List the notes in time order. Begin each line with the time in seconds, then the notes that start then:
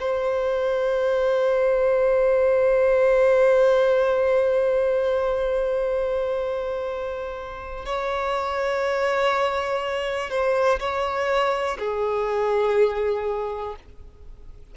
0.00 C5
7.86 C#5
10.30 C5
10.80 C#5
11.79 G#4